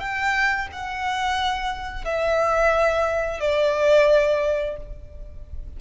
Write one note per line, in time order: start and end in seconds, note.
0.00 0.68 G5
0.73 2.05 F#5
2.05 3.40 E5
3.40 4.77 D5